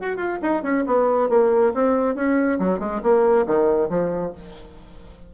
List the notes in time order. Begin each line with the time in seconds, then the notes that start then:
0.00 F#4
0.16 F4
0.42 D#4
0.63 C#4
0.86 B3
1.29 A#3
1.74 C4
2.15 C#4
2.59 F#3
2.79 G#3
3.03 A#3
3.46 D#3
3.89 F3